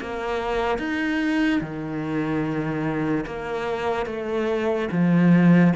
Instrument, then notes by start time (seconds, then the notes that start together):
cello
0.00 A#3
0.78 D#4
1.61 D#3
3.26 A#3
4.06 A3
4.91 F3